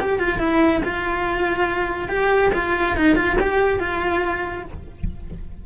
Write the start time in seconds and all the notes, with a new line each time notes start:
0.00 G4
0.19 F4
0.39 E4
0.84 F4
2.09 G4
2.54 F4
2.97 D#4
3.16 F4
3.40 G4
3.80 F4